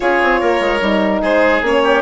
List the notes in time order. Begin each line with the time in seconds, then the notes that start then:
0.00 C#4 F4 G#4 C#5
0.22 C4
0.40 A#3 A#4
0.60 G#3
0.81 G3 D#4
1.21 G#3 G#4 C5
1.61 A#3 C#4 C#5
1.83 G4